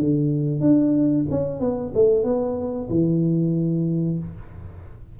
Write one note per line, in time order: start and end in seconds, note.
0.00 0.61 D3
0.61 1.25 D4
1.31 1.60 C#4
1.60 1.93 B3
1.95 2.24 A3
2.24 2.89 B3
2.90 4.19 E3